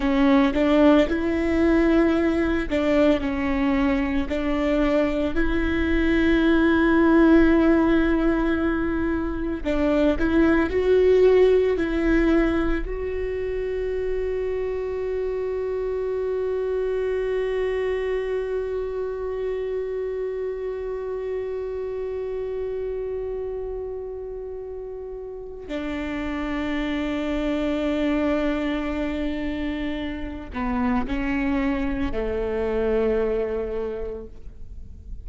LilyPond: \new Staff \with { instrumentName = "viola" } { \time 4/4 \tempo 4 = 56 cis'8 d'8 e'4. d'8 cis'4 | d'4 e'2.~ | e'4 d'8 e'8 fis'4 e'4 | fis'1~ |
fis'1~ | fis'1 | d'1~ | d'8 b8 cis'4 a2 | }